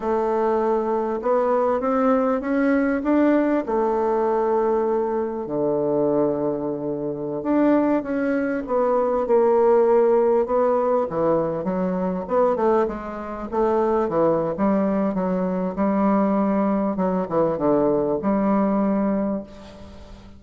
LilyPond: \new Staff \with { instrumentName = "bassoon" } { \time 4/4 \tempo 4 = 99 a2 b4 c'4 | cis'4 d'4 a2~ | a4 d2.~ | d16 d'4 cis'4 b4 ais8.~ |
ais4~ ais16 b4 e4 fis8.~ | fis16 b8 a8 gis4 a4 e8. | g4 fis4 g2 | fis8 e8 d4 g2 | }